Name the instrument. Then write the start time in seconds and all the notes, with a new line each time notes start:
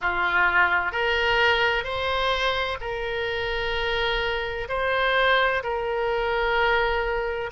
oboe
0.01 F4
0.92 A#4
1.84 C5
2.80 A#4
4.69 C5
5.62 A#4